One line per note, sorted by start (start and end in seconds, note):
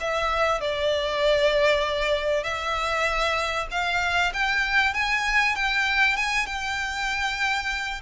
0.00 0.60 E5
0.60 2.43 D5
2.43 3.67 E5
3.71 4.33 F5
4.34 4.94 G5
4.94 5.55 G#5
5.55 6.17 G5
6.17 6.46 G#5
6.46 8.01 G5